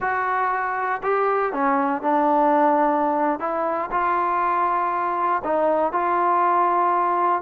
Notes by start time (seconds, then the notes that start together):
0.00 F#4
1.02 G4
1.52 C#4
2.02 D4
3.39 E4
3.91 F4
5.44 D#4
5.92 F4